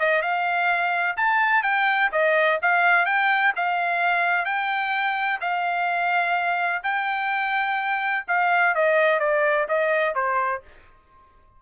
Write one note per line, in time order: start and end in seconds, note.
0.00 0.22 D#5
0.22 1.17 F5
1.17 1.63 A5
1.63 2.11 G5
2.12 2.59 D#5
2.62 3.06 F5
3.06 3.53 G5
3.56 4.45 F5
4.45 5.40 G5
5.41 6.83 F5
6.83 8.25 G5
8.28 8.75 F5
8.75 9.20 D#5
9.20 9.67 D5
9.69 10.15 D#5
10.15 10.62 C5